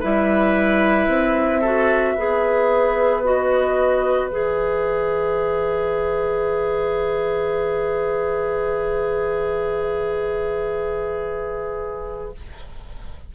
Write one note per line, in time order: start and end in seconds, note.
0.00 1.08 G3
0.00 1.63 E4
0.00 1.61 B4
0.00 3.23 E5
1.08 2.15 C4
1.61 2.18 F#4
1.61 2.14 A4
2.14 4.31 B3
2.14 3.24 G#4
2.14 12.32 B4
3.23 4.31 F#4
3.23 4.28 D#5
4.28 12.34 E3
4.28 12.35 G#4
4.28 12.32 E5